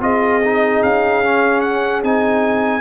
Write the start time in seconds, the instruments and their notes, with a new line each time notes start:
0.00 tuba C4, trombone F4, horn G#4, trumpet D#5
0.44 trombone D#4
0.83 tuba C#4, trumpet F5
1.24 trombone C#4
1.60 trumpet F#5
2.03 tuba C4, trombone D#4, trumpet G#5